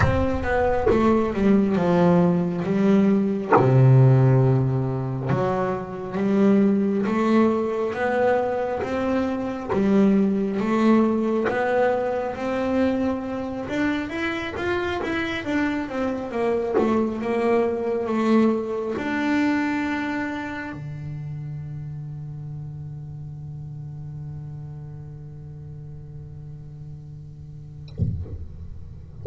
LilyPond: \new Staff \with { instrumentName = "double bass" } { \time 4/4 \tempo 4 = 68 c'8 b8 a8 g8 f4 g4 | c2 fis4 g4 | a4 b4 c'4 g4 | a4 b4 c'4. d'8 |
e'8 f'8 e'8 d'8 c'8 ais8 a8 ais8~ | ais8 a4 d'2 d8~ | d1~ | d1 | }